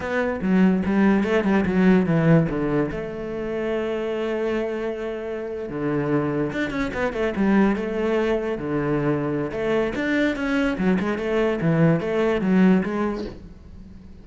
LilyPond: \new Staff \with { instrumentName = "cello" } { \time 4/4 \tempo 4 = 145 b4 fis4 g4 a8 g8 | fis4 e4 d4 a4~ | a1~ | a4.~ a16 d2 d'16~ |
d'16 cis'8 b8 a8 g4 a4~ a16~ | a8. d2~ d16 a4 | d'4 cis'4 fis8 gis8 a4 | e4 a4 fis4 gis4 | }